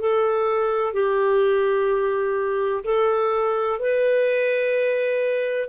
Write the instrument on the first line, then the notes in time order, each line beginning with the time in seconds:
clarinet
0.00 A4
0.94 G4
2.84 A4
3.80 B4